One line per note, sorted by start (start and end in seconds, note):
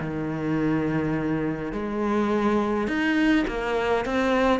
0.00 1.73 D#3
1.73 2.88 G#3
2.88 3.45 D#4
3.47 4.05 A#3
4.05 4.60 C4